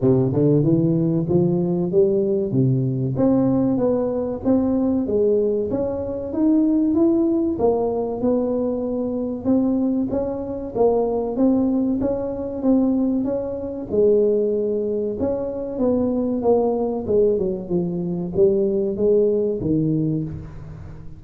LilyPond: \new Staff \with { instrumentName = "tuba" } { \time 4/4 \tempo 4 = 95 c8 d8 e4 f4 g4 | c4 c'4 b4 c'4 | gis4 cis'4 dis'4 e'4 | ais4 b2 c'4 |
cis'4 ais4 c'4 cis'4 | c'4 cis'4 gis2 | cis'4 b4 ais4 gis8 fis8 | f4 g4 gis4 dis4 | }